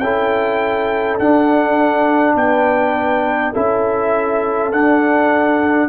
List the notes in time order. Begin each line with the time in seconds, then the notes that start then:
0.00 C#4 E4 A4 G5
1.19 D4 F#5
2.35 B3 B4 G5
3.52 C#4 E4 A4 E5
4.72 D4 F#5